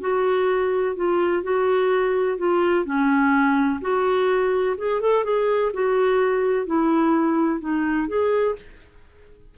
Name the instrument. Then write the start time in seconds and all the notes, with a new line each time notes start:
clarinet
0.00 F#4
0.95 F4
1.43 F#4
2.37 F4
2.85 C#4
3.81 F#4
4.77 G#4
5.01 A4
5.24 G#4
5.73 F#4
6.66 E4
7.60 D#4
8.07 G#4